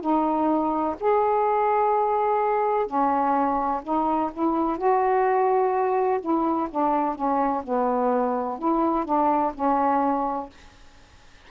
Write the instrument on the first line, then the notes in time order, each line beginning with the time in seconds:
saxophone
0.00 D#4
1.00 G#4
2.86 C#4
3.83 D#4
4.33 E4
4.77 F#4
6.21 E4
6.70 D4
7.15 C#4
7.63 B3
8.58 E4
9.05 D4
9.54 C#4